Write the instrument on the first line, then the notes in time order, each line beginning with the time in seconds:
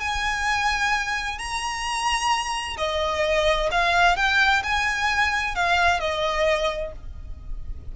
violin
0.00 G#5
1.38 A#5
2.78 D#5
3.71 F5
4.16 G5
4.63 G#5
5.55 F5
6.00 D#5